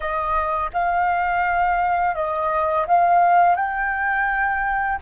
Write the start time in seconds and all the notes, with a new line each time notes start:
0.00 D#5
0.73 F5
2.15 D#5
2.87 F5
3.55 G5